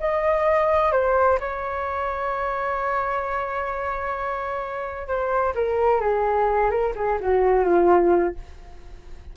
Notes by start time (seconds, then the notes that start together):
0.00 D#5
0.92 C5
1.40 C#5
5.08 C5
5.55 A#4
6.01 G#4
6.71 A#4
6.96 G#4
7.21 F#4
7.65 F4